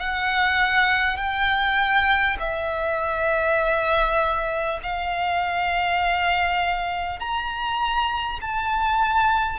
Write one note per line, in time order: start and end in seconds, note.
0.00 1.17 F#5
1.17 2.37 G5
2.40 4.80 E5
4.83 7.19 F5
7.19 8.39 A#5
8.41 9.59 A5